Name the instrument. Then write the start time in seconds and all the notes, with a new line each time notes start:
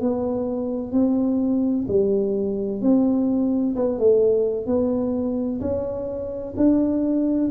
tuba
0.00 B3
0.92 C4
1.88 G3
2.81 C4
3.75 B3
3.98 A3
4.66 B3
5.60 C#4
6.57 D4